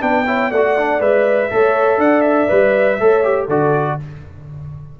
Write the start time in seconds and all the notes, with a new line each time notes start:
0.00 B3 D4 B4 G5
0.26 E4 C#5
0.49 A3 D5 F#5
0.56 F#4
0.77 D4
1.00 G#3 B4 E5
1.50 A3 A4 C#5
1.98 D4 D5 F#5
2.21 E5
2.48 G3 B4
2.99 A3 A4 C#5
3.24 G4
3.46 D3 F#4 A4 D5